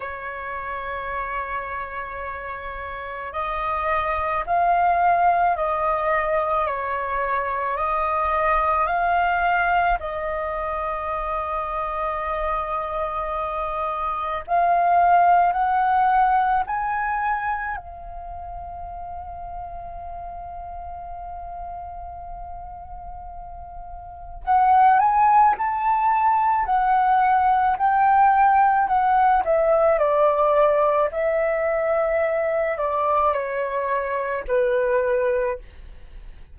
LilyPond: \new Staff \with { instrumentName = "flute" } { \time 4/4 \tempo 4 = 54 cis''2. dis''4 | f''4 dis''4 cis''4 dis''4 | f''4 dis''2.~ | dis''4 f''4 fis''4 gis''4 |
f''1~ | f''2 fis''8 gis''8 a''4 | fis''4 g''4 fis''8 e''8 d''4 | e''4. d''8 cis''4 b'4 | }